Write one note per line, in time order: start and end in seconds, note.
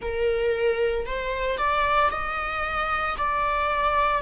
0.01 1.06 A#4
1.06 1.57 C5
1.57 2.10 D5
2.11 3.16 D#5
3.17 4.21 D5